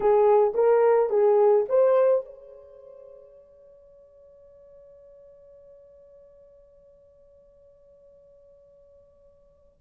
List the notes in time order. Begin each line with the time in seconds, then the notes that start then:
0.00 G#4
0.54 A#4
1.09 G#4
1.68 C5
2.25 C#5